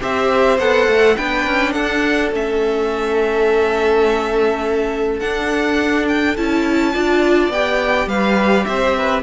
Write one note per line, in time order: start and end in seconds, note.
0.00 0.59 C4
0.00 0.59 G4
0.00 1.15 C5
0.00 0.59 E5
0.59 0.87 B3
0.59 1.16 A4
0.59 1.16 F#5
0.87 1.16 A3
1.16 1.47 B3
1.16 2.31 D4
1.16 1.73 B4
1.16 1.72 G5
1.47 1.75 C#4
1.72 2.32 D4
1.72 6.92 A4
1.72 2.30 F#5
2.32 5.21 A3
2.32 5.21 C#4
2.32 5.19 E5
5.19 6.37 D4
5.19 6.06 F#5
6.08 6.37 G5
6.37 6.95 C#4
6.37 6.94 E4
6.37 7.52 A5
6.93 7.48 D4
6.93 7.51 F4
6.93 8.09 D5
7.48 8.06 B3
7.48 9.23 G4
7.48 8.09 G5
8.07 8.64 G3
8.07 8.66 B4
8.07 8.65 F5
8.65 9.23 C4
8.65 8.97 C5
8.65 9.23 E5
8.97 9.23 B4